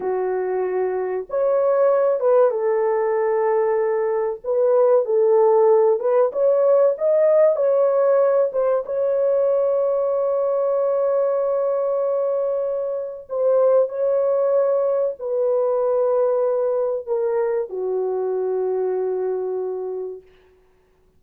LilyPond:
\new Staff \with { instrumentName = "horn" } { \time 4/4 \tempo 4 = 95 fis'2 cis''4. b'8 | a'2. b'4 | a'4. b'8 cis''4 dis''4 | cis''4. c''8 cis''2~ |
cis''1~ | cis''4 c''4 cis''2 | b'2. ais'4 | fis'1 | }